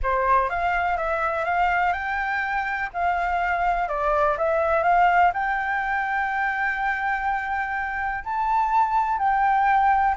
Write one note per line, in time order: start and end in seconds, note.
0.02 0.49 C5
0.49 0.97 F5
0.97 1.45 E5
1.45 1.92 F5
1.92 2.89 G5
2.93 3.88 F5
3.88 4.36 D5
4.37 4.83 E5
4.83 5.31 F5
5.33 8.24 G5
8.24 9.18 A5
9.18 10.15 G5